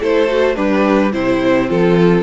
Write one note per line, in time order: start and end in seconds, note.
0.00 0.57 A3
0.00 0.28 E4
0.00 0.55 A4
0.00 0.56 C5
0.28 0.56 F#4
0.55 1.14 G3
0.55 1.12 D4
0.55 1.13 G4
0.55 1.13 B4
1.13 1.70 C3
1.13 2.23 C4
1.13 1.68 E4
1.13 1.70 C5
1.68 2.23 F3
1.68 2.23 F4
1.68 2.23 A4